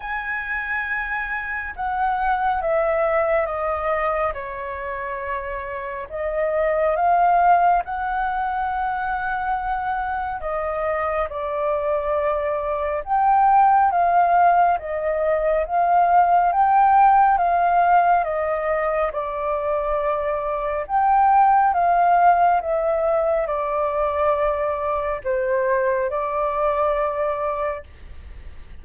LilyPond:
\new Staff \with { instrumentName = "flute" } { \time 4/4 \tempo 4 = 69 gis''2 fis''4 e''4 | dis''4 cis''2 dis''4 | f''4 fis''2. | dis''4 d''2 g''4 |
f''4 dis''4 f''4 g''4 | f''4 dis''4 d''2 | g''4 f''4 e''4 d''4~ | d''4 c''4 d''2 | }